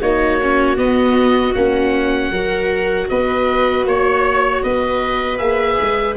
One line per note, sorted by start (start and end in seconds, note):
0.00 0.77 A#3
0.00 0.40 D#4
0.00 2.31 F#4
0.00 0.78 C#5
0.42 0.77 C#4
0.77 1.54 B3
0.77 1.54 D#5
1.54 2.31 A#3
1.54 2.33 C#4
1.54 3.08 F#5
2.31 3.08 F#3
2.31 5.38 F#4
2.31 3.09 A#4
3.09 3.85 B3
3.09 3.88 B4
3.09 3.86 D#5
3.85 4.62 A#3
3.85 4.63 C#5
4.63 5.40 B3
4.63 6.16 B4
4.63 5.38 D#5
5.38 5.78 A#3
5.38 6.15 G#4
5.38 6.15 E5
5.81 6.16 G#3